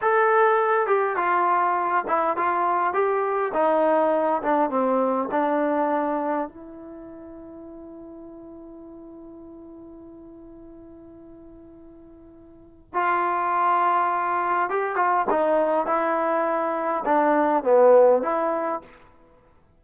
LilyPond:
\new Staff \with { instrumentName = "trombone" } { \time 4/4 \tempo 4 = 102 a'4. g'8 f'4. e'8 | f'4 g'4 dis'4. d'8 | c'4 d'2 e'4~ | e'1~ |
e'1~ | e'2 f'2~ | f'4 g'8 f'8 dis'4 e'4~ | e'4 d'4 b4 e'4 | }